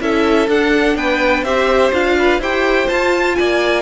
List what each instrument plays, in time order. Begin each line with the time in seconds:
0.00 cello C#4, viola E4, violin A4 E5
0.48 cello D4, viola D4, violin F#5
0.95 cello B3, violin B4 G5
1.43 cello C4, viola G4, violin C5 E5
1.92 cello D4, viola F4, violin F5
2.19 violin B4
2.39 cello E4, viola G4, violin C5 G5
2.88 viola F4, cello F4, violin A5
3.35 cello A#3, violin D5 G#5